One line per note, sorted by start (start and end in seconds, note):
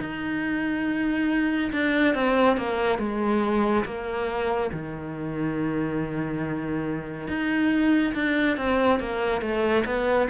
0.00 1.71 D#4
1.72 2.15 D4
2.15 2.57 C4
2.57 2.99 A#3
2.99 3.85 G#3
3.85 4.71 A#3
4.73 7.28 D#3
7.28 8.14 D#4
8.14 8.57 D4
8.57 9.00 C4
9.00 9.42 A#3
9.42 9.85 A3
9.86 10.29 B3